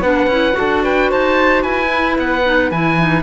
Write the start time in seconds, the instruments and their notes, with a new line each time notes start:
0.00 cello B3, clarinet D4, flute B4, oboe F#5
0.27 cello C#4, clarinet E4
0.52 clarinet F#4, flute A4
0.59 cello D4
0.83 flute B4, oboe G5
1.10 cello D#4, flute C5, oboe A5
1.63 cello E4, flute B4, oboe G#5
1.87 clarinet E4
2.18 cello B3, oboe F#5
2.45 clarinet D#4
2.71 cello E3, clarinet E4, oboe G#5
2.99 clarinet D#4